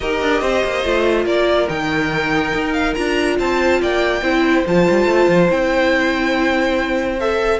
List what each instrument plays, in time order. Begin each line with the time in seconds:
0.00 cello D#4, viola G4, violin A#4 D#5
0.21 cello D4
0.40 cello C4, violin C5
0.64 cello A#3
0.84 cello A3, viola F4
1.25 cello A#3, violin A#4 D5
1.67 cello D#3, viola D#4, violin G5
2.54 cello D#4
2.73 violin F5
2.94 cello D4, viola F4, violin A#5
3.39 cello C4, violin C5 A5
3.81 cello A#3, violin D5 G5
4.21 cello C4, viola E4, violin C5
4.66 cello F3, viola F4, violin A5
4.89 cello G3
5.05 cello A3
5.28 cello F3
5.48 cello C4, viola E4, violin G5
7.19 viola A4, violin E5